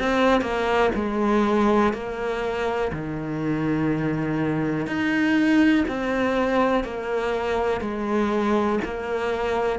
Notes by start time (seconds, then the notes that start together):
0.00 C4
0.42 A#3
0.95 G#3
1.94 A#3
2.93 D#3
4.87 D#4
5.88 C4
6.85 A#3
7.82 G#3
8.85 A#3